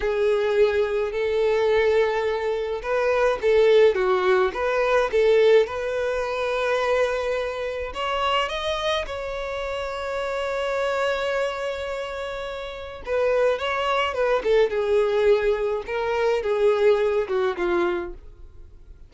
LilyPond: \new Staff \with { instrumentName = "violin" } { \time 4/4 \tempo 4 = 106 gis'2 a'2~ | a'4 b'4 a'4 fis'4 | b'4 a'4 b'2~ | b'2 cis''4 dis''4 |
cis''1~ | cis''2. b'4 | cis''4 b'8 a'8 gis'2 | ais'4 gis'4. fis'8 f'4 | }